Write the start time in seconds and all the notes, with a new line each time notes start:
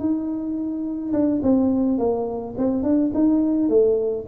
0.00 D#4
1.13 D4
1.43 C4
1.99 A#3
2.58 C4
2.84 D4
3.15 D#4
3.69 A3